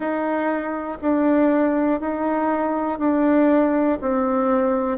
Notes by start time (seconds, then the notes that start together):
0.00 D#4
1.01 D4
2.00 D#4
2.99 D4
4.01 C4